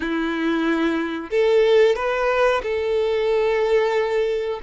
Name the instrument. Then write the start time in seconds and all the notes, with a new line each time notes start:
violin
0.00 E4
1.30 A4
1.95 B4
2.62 A4